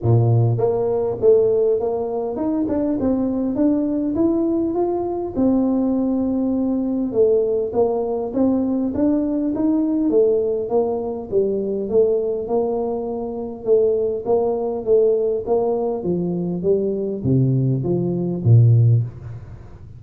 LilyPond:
\new Staff \with { instrumentName = "tuba" } { \time 4/4 \tempo 4 = 101 ais,4 ais4 a4 ais4 | dis'8 d'8 c'4 d'4 e'4 | f'4 c'2. | a4 ais4 c'4 d'4 |
dis'4 a4 ais4 g4 | a4 ais2 a4 | ais4 a4 ais4 f4 | g4 c4 f4 ais,4 | }